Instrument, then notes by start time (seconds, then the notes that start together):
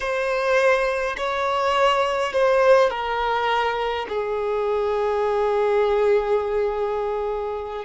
violin
0.00 C5
1.17 C#5
2.32 C5
2.89 A#4
4.08 G#4